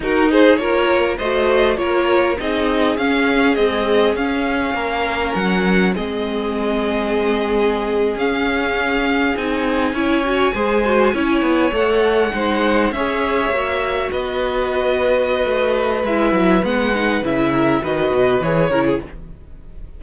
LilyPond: <<
  \new Staff \with { instrumentName = "violin" } { \time 4/4 \tempo 4 = 101 ais'8 c''8 cis''4 dis''4 cis''4 | dis''4 f''4 dis''4 f''4~ | f''4 fis''4 dis''2~ | dis''4.~ dis''16 f''2 gis''16~ |
gis''2.~ gis''8. fis''16~ | fis''4.~ fis''16 e''2 dis''16~ | dis''2. e''4 | fis''4 e''4 dis''4 cis''4 | }
  \new Staff \with { instrumentName = "violin" } { \time 4/4 fis'8 gis'8 ais'4 c''4 ais'4 | gis'1 | ais'2 gis'2~ | gis'1~ |
gis'8. cis''4 c''4 cis''4~ cis''16~ | cis''8. c''4 cis''2 b'16~ | b'1~ | b'4. ais'8 b'4. ais'16 gis'16 | }
  \new Staff \with { instrumentName = "viola" } { \time 4/4 dis'4 f'4 fis'4 f'4 | dis'4 cis'4 gis4 cis'4~ | cis'2 c'2~ | c'4.~ c'16 cis'2 dis'16~ |
dis'8. e'8 fis'8 gis'8 fis'8 e'4 a'16~ | a'8. dis'4 gis'4 fis'4~ fis'16~ | fis'2. e'4 | b8 dis'8 e'4 fis'4 gis'8 e'8 | }
  \new Staff \with { instrumentName = "cello" } { \time 4/4 dis'4 ais4 a4 ais4 | c'4 cis'4 c'4 cis'4 | ais4 fis4 gis2~ | gis4.~ gis16 cis'2 c'16~ |
c'8. cis'4 gis4 cis'8 b8 a16~ | a8. gis4 cis'4 ais4 b16~ | b2 a4 gis8 fis8 | gis4 cis4 dis8 b,8 e8 cis8 | }
>>